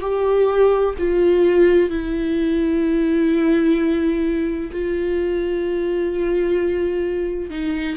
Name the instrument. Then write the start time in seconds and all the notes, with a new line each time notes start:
viola
0.00 G4
0.98 F4
1.90 E4
4.71 F4
7.50 D#4